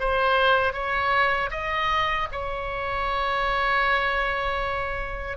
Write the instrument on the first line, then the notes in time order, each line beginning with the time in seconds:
oboe
0.00 C5
0.73 C#5
1.51 D#5
2.32 C#5